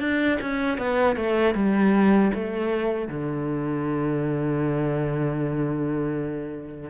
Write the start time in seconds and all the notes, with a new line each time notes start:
0.00 D4
0.41 C#4
0.78 B3
1.16 A3
1.55 G3
2.34 A3
3.08 D3